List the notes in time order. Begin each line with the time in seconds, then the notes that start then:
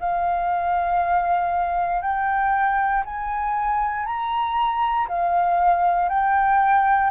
0.00 F5
2.02 G5
3.05 G#5
4.06 A#5
5.08 F5
6.09 G5